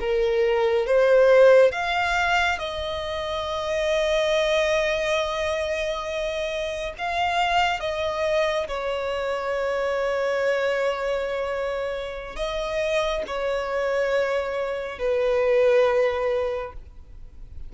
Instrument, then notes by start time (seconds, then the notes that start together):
violin
0.00 A#4
0.86 C5
1.72 F5
2.58 D#5
6.98 F5
7.80 D#5
8.68 C#5
12.36 D#5
13.26 C#5
14.98 B4